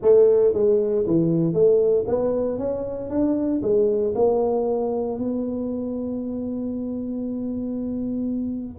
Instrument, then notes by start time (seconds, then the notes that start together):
tuba
0.02 A3
0.53 G#3
1.07 E3
1.53 A3
2.07 B3
2.58 C#4
3.10 D4
3.62 G#3
4.15 A#3
5.18 B3